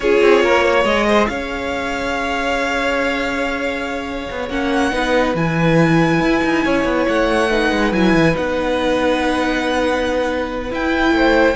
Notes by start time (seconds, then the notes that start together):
0.00 C#4 F4 G#4 C#5
0.21 C4
0.41 A#3 A#4
0.63 C#5
0.84 G#3 G#4 D#5
1.07 C5
1.27 C#4 C#5 F5
4.30 B3
4.49 A#3 C#4 F#5
4.91 B3 D#4 B4
5.34 E3 E4 G#5
6.20 E4
6.43 D#4
6.64 C#4 C#5
6.84 B3
7.08 A3 F#5
7.50 D#4 B4
7.71 G#3
7.92 F#3 E4 G#5
8.13 E3
8.32 B3 D#4 F#5
10.70 E4 G5
11.11 A3 C5